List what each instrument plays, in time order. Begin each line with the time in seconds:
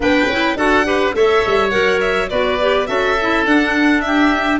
0.00 tuba B3, clarinet D4, oboe B4, violin G5
0.26 tuba C#4, clarinet E4
0.55 tuba D4, clarinet F#4, oboe A4, violin F#5
0.84 clarinet G4, oboe B4
1.14 tuba A3, clarinet A4, oboe C#5, violin E5
1.46 tuba G3
1.70 tuba F#3, clarinet A#4, violin F#5
2.00 violin E5
2.29 tuba B3, clarinet F#4, oboe B4, violin D5
2.60 clarinet G4
2.86 tuba C#4, clarinet F#4, oboe A4, violin E5
3.21 clarinet E4
3.46 tuba D4, clarinet D4, violin F#5
4.00 oboe G4, violin E5